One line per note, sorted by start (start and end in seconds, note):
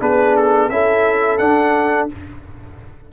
0.00 0.69 B3
0.00 0.70 D4
0.00 0.71 G#4
0.00 0.36 B4
0.36 0.70 A4
0.69 1.39 C#4
0.69 1.39 E4
0.69 2.12 A4
0.69 1.38 E5
1.38 2.09 D4
1.38 2.08 F#5